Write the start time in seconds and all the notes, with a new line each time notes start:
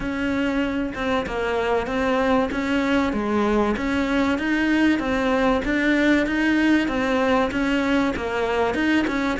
0.00 C#4
0.94 C4
1.26 A#3
1.87 C4
2.51 C#4
3.12 G#3
3.77 C#4
4.38 D#4
4.99 C4
5.64 D4
6.26 D#4
6.88 C4
7.51 C#4
8.16 A#3
8.74 D#4
9.07 C#4